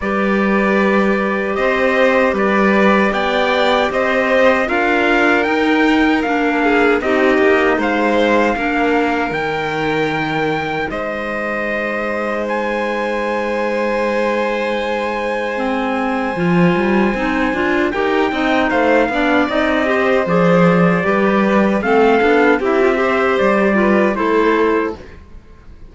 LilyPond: <<
  \new Staff \with { instrumentName = "trumpet" } { \time 4/4 \tempo 4 = 77 d''2 dis''4 d''4 | g''4 dis''4 f''4 g''4 | f''4 dis''4 f''2 | g''2 dis''2 |
gis''1~ | gis''2. g''4 | f''4 dis''4 d''2 | f''4 e''4 d''4 c''4 | }
  \new Staff \with { instrumentName = "violin" } { \time 4/4 b'2 c''4 b'4 | d''4 c''4 ais'2~ | ais'8 gis'8 g'4 c''4 ais'4~ | ais'2 c''2~ |
c''1~ | c''2. ais'8 dis''8 | c''8 d''4 c''4. b'4 | a'4 g'8 c''4 b'8 a'4 | }
  \new Staff \with { instrumentName = "clarinet" } { \time 4/4 g'1~ | g'2 f'4 dis'4 | d'4 dis'2 d'4 | dis'1~ |
dis'1 | c'4 f'4 dis'8 f'8 g'8 dis'8~ | dis'8 d'8 dis'8 g'8 gis'4 g'4 | c'8 d'8 e'16 f'16 g'4 f'8 e'4 | }
  \new Staff \with { instrumentName = "cello" } { \time 4/4 g2 c'4 g4 | b4 c'4 d'4 dis'4 | ais4 c'8 ais8 gis4 ais4 | dis2 gis2~ |
gis1~ | gis4 f8 g8 c'8 d'8 dis'8 c'8 | a8 b8 c'4 f4 g4 | a8 b8 c'4 g4 a4 | }
>>